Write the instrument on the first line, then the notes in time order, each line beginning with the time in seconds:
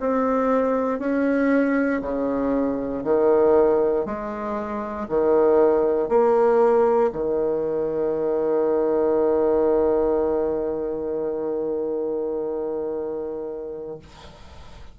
bassoon
0.00 C4
1.00 C#4
2.02 C#3
3.04 D#3
4.06 G#3
5.09 D#3
6.09 A#3
7.13 D#3